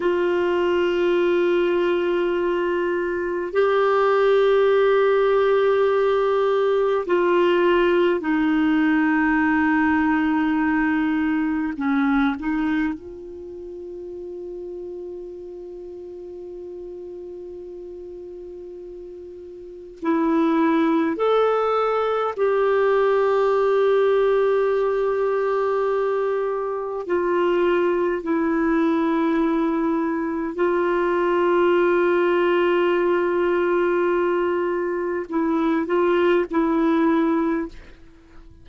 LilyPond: \new Staff \with { instrumentName = "clarinet" } { \time 4/4 \tempo 4 = 51 f'2. g'4~ | g'2 f'4 dis'4~ | dis'2 cis'8 dis'8 f'4~ | f'1~ |
f'4 e'4 a'4 g'4~ | g'2. f'4 | e'2 f'2~ | f'2 e'8 f'8 e'4 | }